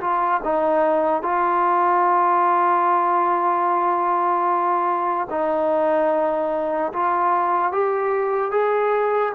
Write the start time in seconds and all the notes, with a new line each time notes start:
0.00 F4
0.44 D#4
1.22 F4
5.30 D#4
6.93 F4
7.72 G4
8.51 G#4